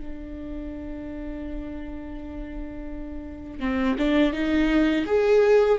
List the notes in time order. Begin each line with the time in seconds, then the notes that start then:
0.00 D4
3.60 C4
3.98 D4
4.33 D#4
5.07 G#4